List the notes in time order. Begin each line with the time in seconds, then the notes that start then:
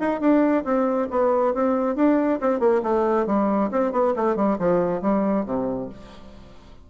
0.00 D#4
0.21 D4
0.64 C4
1.11 B3
1.54 C4
1.96 D4
2.41 C4
2.60 A#3
2.83 A3
3.27 G3
3.71 C4
3.92 B3
4.16 A3
4.36 G3
4.59 F3
5.02 G3
5.46 C3